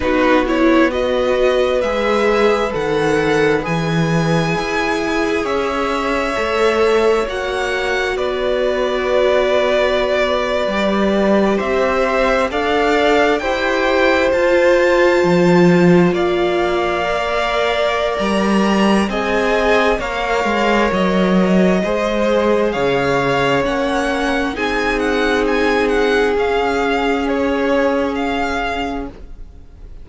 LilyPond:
<<
  \new Staff \with { instrumentName = "violin" } { \time 4/4 \tempo 4 = 66 b'8 cis''8 dis''4 e''4 fis''4 | gis''2 e''2 | fis''4 d''2.~ | d''8. e''4 f''4 g''4 a''16~ |
a''4.~ a''16 f''2~ f''16 | ais''4 gis''4 f''4 dis''4~ | dis''4 f''4 fis''4 gis''8 fis''8 | gis''8 fis''8 f''4 cis''4 f''4 | }
  \new Staff \with { instrumentName = "violin" } { \time 4/4 fis'4 b'2.~ | b'2 cis''2~ | cis''4 b'2.~ | b'8. c''4 d''4 c''4~ c''16~ |
c''4.~ c''16 d''2~ d''16~ | d''4 dis''4 cis''2 | c''4 cis''2 gis'4~ | gis'1 | }
  \new Staff \with { instrumentName = "viola" } { \time 4/4 dis'8 e'8 fis'4 gis'4 a'4 | gis'2. a'4 | fis'2.~ fis'8. g'16~ | g'4.~ g'16 a'4 g'4 f'16~ |
f'2~ f'8. ais'4~ ais'16~ | ais'4 gis'4 ais'2 | gis'2 cis'4 dis'4~ | dis'4 cis'2. | }
  \new Staff \with { instrumentName = "cello" } { \time 4/4 b2 gis4 dis4 | e4 e'4 cis'4 a4 | ais4 b2~ b8. g16~ | g8. c'4 d'4 e'4 f'16~ |
f'8. f4 ais2~ ais16 | g4 c'4 ais8 gis8 fis4 | gis4 cis4 ais4 c'4~ | c'4 cis'2. | }
>>